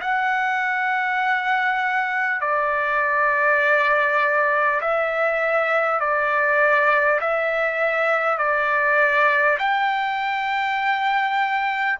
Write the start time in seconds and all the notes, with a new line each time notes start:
0.00 F#5
2.41 D5
4.81 E5
5.99 D5
7.21 E5
8.37 D5
9.58 G5